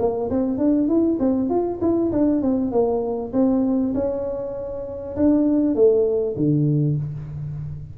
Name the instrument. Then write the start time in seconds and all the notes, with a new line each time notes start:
tuba
0.00 A#3
0.31 C4
0.58 D4
0.88 E4
1.20 C4
1.50 F4
1.82 E4
2.12 D4
2.42 C4
2.72 A#3
3.33 C4
3.95 C#4
5.17 D4
5.75 A3
6.37 D3